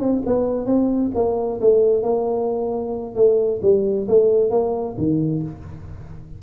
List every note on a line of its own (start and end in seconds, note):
0.00 0.23 C4
0.26 0.66 B3
0.66 1.12 C4
1.15 1.60 A#3
1.61 2.03 A3
2.03 3.16 A#3
3.16 3.61 A3
3.63 4.08 G3
4.08 4.51 A3
4.51 4.96 A#3
4.98 5.43 D#3